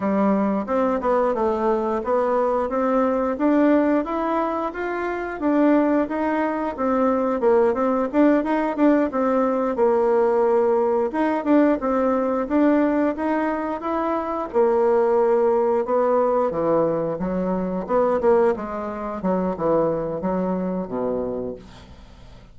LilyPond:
\new Staff \with { instrumentName = "bassoon" } { \time 4/4 \tempo 4 = 89 g4 c'8 b8 a4 b4 | c'4 d'4 e'4 f'4 | d'4 dis'4 c'4 ais8 c'8 | d'8 dis'8 d'8 c'4 ais4.~ |
ais8 dis'8 d'8 c'4 d'4 dis'8~ | dis'8 e'4 ais2 b8~ | b8 e4 fis4 b8 ais8 gis8~ | gis8 fis8 e4 fis4 b,4 | }